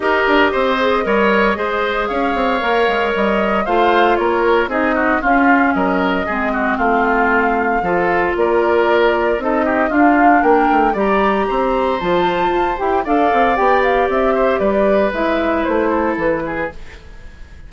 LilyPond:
<<
  \new Staff \with { instrumentName = "flute" } { \time 4/4 \tempo 4 = 115 dis''1 | f''2 dis''4 f''4 | cis''4 dis''4 f''4 dis''4~ | dis''4 f''2. |
d''2 dis''4 f''4 | g''4 ais''2 a''4~ | a''8 g''8 f''4 g''8 f''8 e''4 | d''4 e''4 c''4 b'4 | }
  \new Staff \with { instrumentName = "oboe" } { \time 4/4 ais'4 c''4 cis''4 c''4 | cis''2. c''4 | ais'4 gis'8 fis'8 f'4 ais'4 | gis'8 fis'8 f'2 a'4 |
ais'2 a'8 g'8 f'4 | ais'4 d''4 c''2~ | c''4 d''2~ d''8 c''8 | b'2~ b'8 a'4 gis'8 | }
  \new Staff \with { instrumentName = "clarinet" } { \time 4/4 g'4. gis'8 ais'4 gis'4~ | gis'4 ais'2 f'4~ | f'4 dis'4 cis'2 | c'2. f'4~ |
f'2 dis'4 d'4~ | d'4 g'2 f'4~ | f'8 g'8 a'4 g'2~ | g'4 e'2. | }
  \new Staff \with { instrumentName = "bassoon" } { \time 4/4 dis'8 d'8 c'4 g4 gis4 | cis'8 c'8 ais8 gis8 g4 a4 | ais4 c'4 cis'4 fis4 | gis4 a2 f4 |
ais2 c'4 d'4 | ais8 a8 g4 c'4 f4 | f'8 e'8 d'8 c'8 b4 c'4 | g4 gis4 a4 e4 | }
>>